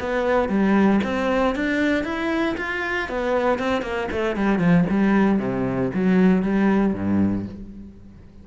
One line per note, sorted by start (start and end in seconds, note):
0.00 0.49 B3
0.49 1.01 G3
1.04 1.55 C4
1.55 2.04 D4
2.04 2.56 E4
2.57 3.09 F4
3.09 3.59 B3
3.59 3.82 C4
3.82 4.08 A#3
4.12 4.36 A3
4.36 4.59 G3
4.59 4.85 F3
4.90 5.39 G3
5.39 5.91 C3
5.94 6.43 F#3
6.43 6.94 G3
6.94 7.46 G2